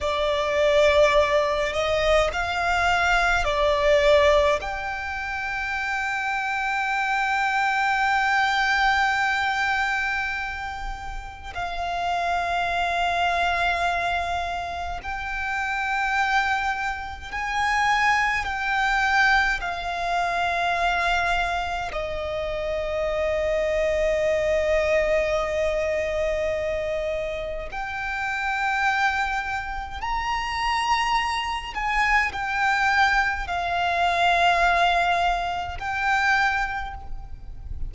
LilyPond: \new Staff \with { instrumentName = "violin" } { \time 4/4 \tempo 4 = 52 d''4. dis''8 f''4 d''4 | g''1~ | g''2 f''2~ | f''4 g''2 gis''4 |
g''4 f''2 dis''4~ | dis''1 | g''2 ais''4. gis''8 | g''4 f''2 g''4 | }